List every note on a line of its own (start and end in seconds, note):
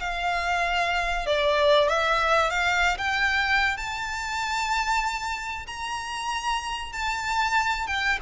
0.00 1.26 F5
1.26 1.89 D5
1.89 2.50 E5
2.50 2.98 F5
2.98 3.77 G5
3.77 5.66 A5
5.67 6.93 A#5
6.93 7.87 A5
7.87 8.19 G5